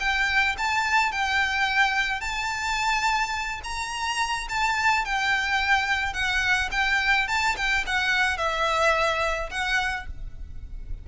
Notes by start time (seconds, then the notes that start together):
0.00 G5
0.58 A5
1.12 G5
2.21 A5
3.64 A#5
4.49 A5
5.05 G5
6.14 F#5
6.72 G5
7.28 A5
7.57 G5
7.87 F#5
8.38 E5
9.51 F#5